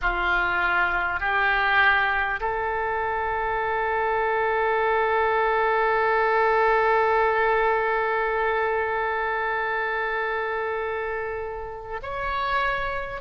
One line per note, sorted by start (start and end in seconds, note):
0.01 1.20 F4
1.20 2.40 G4
2.40 12.00 A4
12.02 13.21 C#5